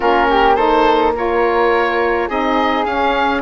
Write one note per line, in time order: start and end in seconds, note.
0.00 2.29 A#3
0.00 0.56 C#4
0.00 0.26 F4
0.00 0.55 A#4
0.30 0.55 G4
0.55 1.13 D#4
0.55 1.13 A4
0.55 1.12 C5
1.15 2.28 F4
1.15 2.27 A#4
1.15 2.29 C#5
2.27 2.85 C4
2.27 2.85 D#4
2.27 3.42 G#4
2.27 2.85 D#5
2.85 3.42 C#4
2.85 3.42 F5